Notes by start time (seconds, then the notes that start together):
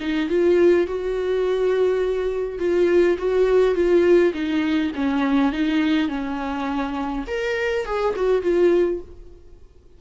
0.00 D#4
0.29 F4
0.87 F#4
2.59 F4
3.18 F#4
3.75 F4
4.33 D#4
4.95 C#4
5.53 D#4
6.08 C#4
7.27 A#4
7.86 G#4
8.16 F#4
8.42 F4